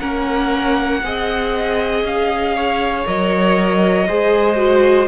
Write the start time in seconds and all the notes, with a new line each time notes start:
0.00 A#3 C#4 A#4 F#5
1.04 C4 G#4 D#5
2.04 C#4 F5
2.56 C#5
3.05 F#3 A#4 D#5
4.08 G#3 G#4 C5
4.57 F#4